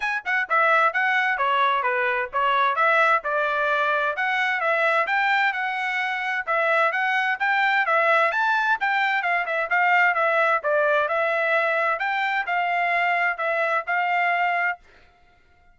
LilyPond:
\new Staff \with { instrumentName = "trumpet" } { \time 4/4 \tempo 4 = 130 gis''8 fis''8 e''4 fis''4 cis''4 | b'4 cis''4 e''4 d''4~ | d''4 fis''4 e''4 g''4 | fis''2 e''4 fis''4 |
g''4 e''4 a''4 g''4 | f''8 e''8 f''4 e''4 d''4 | e''2 g''4 f''4~ | f''4 e''4 f''2 | }